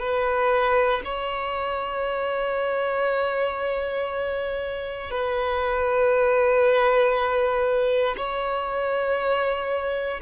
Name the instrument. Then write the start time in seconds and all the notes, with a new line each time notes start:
violin
0.00 B4
1.05 C#5
5.11 B4
8.18 C#5